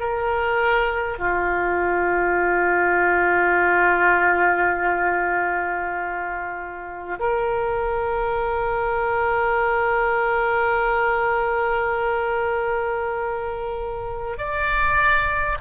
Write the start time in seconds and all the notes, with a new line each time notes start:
0.00 A#4
1.19 F4
7.19 A#4
14.38 D5